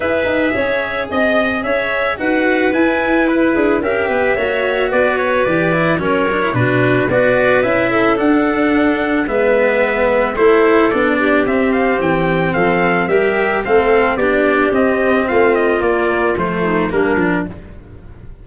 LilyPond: <<
  \new Staff \with { instrumentName = "trumpet" } { \time 4/4 \tempo 4 = 110 e''2 dis''4 e''4 | fis''4 gis''4 b'4 e''4~ | e''4 d''8 cis''8 d''4 cis''4 | b'4 d''4 e''4 fis''4~ |
fis''4 e''2 c''4 | d''4 e''8 f''8 g''4 f''4 | e''4 f''4 d''4 dis''4 | f''8 dis''8 d''4 c''4 ais'4 | }
  \new Staff \with { instrumentName = "clarinet" } { \time 4/4 b'4 cis''4 dis''4 cis''4 | b'2~ b'8 gis'8 ais'8 b'8 | cis''4 b'2 ais'4 | fis'4 b'4. a'4.~ |
a'4 b'2 a'4~ | a'8 g'2~ g'8 a'4 | ais'4 a'4 g'2 | f'2~ f'8 dis'8 d'4 | }
  \new Staff \with { instrumentName = "cello" } { \time 4/4 gis'1 | fis'4 e'2 g'4 | fis'2 g'8 e'8 cis'8 d'16 e'16 | d'4 fis'4 e'4 d'4~ |
d'4 b2 e'4 | d'4 c'2. | g'4 c'4 d'4 c'4~ | c'4 ais4 a4 ais8 d'8 | }
  \new Staff \with { instrumentName = "tuba" } { \time 4/4 e'8 dis'8 cis'4 c'4 cis'4 | dis'4 e'4. d'8 cis'8 b8 | ais4 b4 e4 fis4 | b,4 b4 cis'4 d'4~ |
d'4 gis2 a4 | b4 c'4 e4 f4 | g4 a4 b4 c'4 | a4 ais4 f4 g8 f8 | }
>>